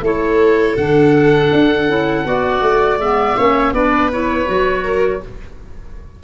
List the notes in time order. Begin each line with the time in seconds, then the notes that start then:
0.00 A3 E4 A4 C#5
0.77 D3 D4 F#5
1.52 D4
1.88 C#4 E4
2.25 B3 F#4 D5
2.61 A3
2.98 G#3 B3 E5
3.37 A#3 C#4 C#5
3.72 B3 D4 B4 D5
4.12 E4 C#5
4.46 F#3 F#4
4.83 A#4